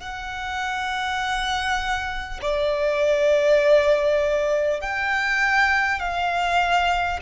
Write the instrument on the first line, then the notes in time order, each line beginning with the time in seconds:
violin
0.00 F#5
2.41 D5
4.81 G5
5.99 F5